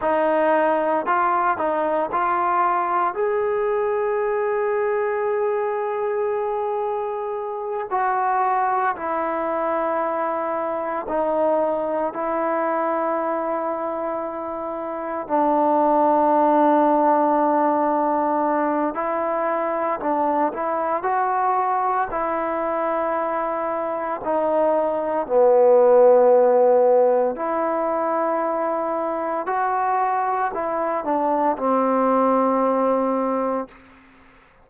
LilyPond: \new Staff \with { instrumentName = "trombone" } { \time 4/4 \tempo 4 = 57 dis'4 f'8 dis'8 f'4 gis'4~ | gis'2.~ gis'8 fis'8~ | fis'8 e'2 dis'4 e'8~ | e'2~ e'8 d'4.~ |
d'2 e'4 d'8 e'8 | fis'4 e'2 dis'4 | b2 e'2 | fis'4 e'8 d'8 c'2 | }